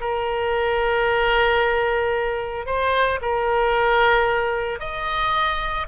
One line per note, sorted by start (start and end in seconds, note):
0.00 2.66 A#4
2.66 3.19 C5
3.21 4.79 A#4
4.79 5.86 D#5